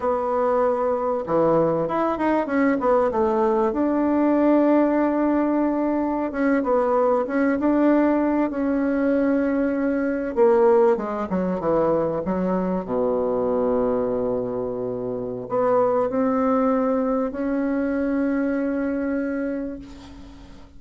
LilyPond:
\new Staff \with { instrumentName = "bassoon" } { \time 4/4 \tempo 4 = 97 b2 e4 e'8 dis'8 | cis'8 b8 a4 d'2~ | d'2~ d'16 cis'8 b4 cis'16~ | cis'16 d'4. cis'2~ cis'16~ |
cis'8. ais4 gis8 fis8 e4 fis16~ | fis8. b,2.~ b,16~ | b,4 b4 c'2 | cis'1 | }